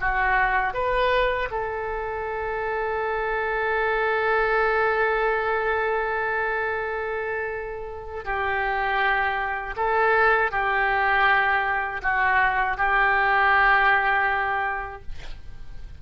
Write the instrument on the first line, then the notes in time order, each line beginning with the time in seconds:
oboe
0.00 F#4
0.73 B4
1.50 A4
8.24 G4
9.76 A4
10.51 G4
12.02 F#4
12.77 G4